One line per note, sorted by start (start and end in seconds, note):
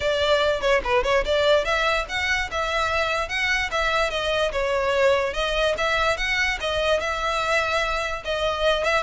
0.00 0.60 D5
0.60 0.81 C#5
0.83 1.03 B4
1.03 1.24 C#5
1.25 1.64 D5
1.64 2.05 E5
2.08 2.49 F#5
2.51 3.28 E5
3.28 3.69 F#5
3.71 4.10 E5
4.10 4.51 D#5
4.52 5.33 C#5
5.33 5.74 D#5
5.77 6.17 E5
6.17 6.58 F#5
6.60 7.00 D#5
7.00 8.23 E5
8.25 8.84 D#5
8.84 9.02 E5